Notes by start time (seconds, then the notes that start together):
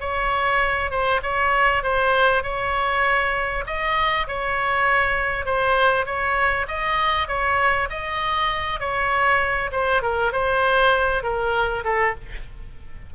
0.00 C#5
0.90 C5
1.22 C#5
1.83 C5
2.42 C#5
3.66 D#5
4.27 C#5
5.45 C5
6.05 C#5
6.67 D#5
7.28 C#5
7.90 D#5
8.79 C#5
9.71 C5
10.02 A#4
10.32 C5
11.23 A#4
11.84 A4